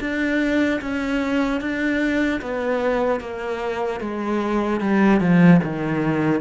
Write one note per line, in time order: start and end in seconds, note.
0.00 0.80 D4
0.81 1.60 C#4
1.60 2.40 D4
2.41 3.20 B3
3.20 4.00 A#3
4.00 4.80 G#3
4.80 5.20 G3
5.20 5.60 F3
5.63 6.41 D#3